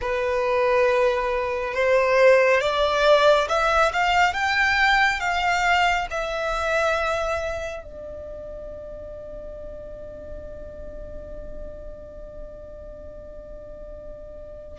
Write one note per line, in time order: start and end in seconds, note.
0.01 1.74 B4
1.74 2.60 C5
2.60 3.47 D5
3.48 3.91 E5
3.92 4.33 F5
4.33 5.20 G5
5.20 6.07 F5
6.10 7.83 E5
7.83 14.78 D5